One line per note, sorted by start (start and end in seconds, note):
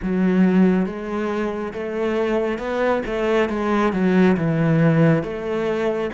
0.02 0.85 F#3
0.85 1.72 G#3
1.73 2.58 A3
2.58 3.02 B3
3.06 3.49 A3
3.49 3.92 G#3
3.92 4.36 F#3
4.36 5.23 E3
5.23 6.09 A3